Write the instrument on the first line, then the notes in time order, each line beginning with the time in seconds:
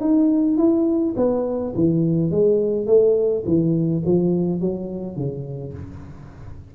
tuba
0.00 D#4
0.57 E4
1.16 B3
1.75 E3
2.31 G#3
2.86 A3
3.46 E3
4.05 F3
4.61 F#3
5.16 C#3